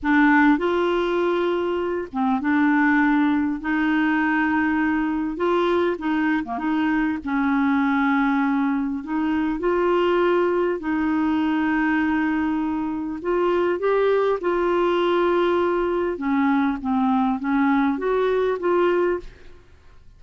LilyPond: \new Staff \with { instrumentName = "clarinet" } { \time 4/4 \tempo 4 = 100 d'4 f'2~ f'8 c'8 | d'2 dis'2~ | dis'4 f'4 dis'8. ais16 dis'4 | cis'2. dis'4 |
f'2 dis'2~ | dis'2 f'4 g'4 | f'2. cis'4 | c'4 cis'4 fis'4 f'4 | }